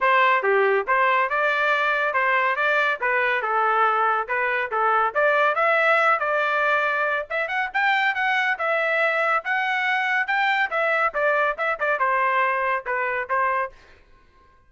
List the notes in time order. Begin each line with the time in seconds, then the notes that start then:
0.00 C5
0.42 G4
0.87 C5
1.29 D5
2.13 C5
2.56 D5
3.01 B4
3.41 A4
4.28 B4
4.71 A4
5.14 D5
5.55 E5
6.19 D5
7.30 E5
7.48 F#5
7.73 G5
8.14 F#5
8.58 E5
9.44 F#5
10.27 G5
10.70 E5
11.14 D5
11.57 E5
11.79 D5
11.99 C5
12.86 B4
13.29 C5